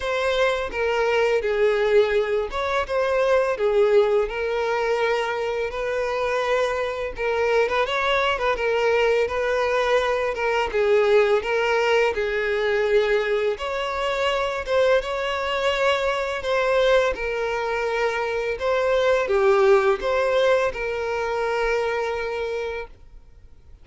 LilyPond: \new Staff \with { instrumentName = "violin" } { \time 4/4 \tempo 4 = 84 c''4 ais'4 gis'4. cis''8 | c''4 gis'4 ais'2 | b'2 ais'8. b'16 cis''8. b'16 | ais'4 b'4. ais'8 gis'4 |
ais'4 gis'2 cis''4~ | cis''8 c''8 cis''2 c''4 | ais'2 c''4 g'4 | c''4 ais'2. | }